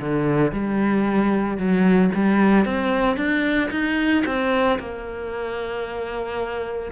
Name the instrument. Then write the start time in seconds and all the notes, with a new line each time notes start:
cello
0.00 D3
0.52 G3
1.58 F#3
2.15 G3
2.65 C4
3.17 D4
3.71 D#4
4.26 C4
4.80 A#3